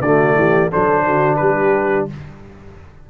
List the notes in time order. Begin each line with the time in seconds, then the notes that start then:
0.00 D3 A3 F#4 D5
0.35 E3 G4
0.70 F#3 D4 A4 C5
1.04 D3 F#4
1.36 G3 G4 B4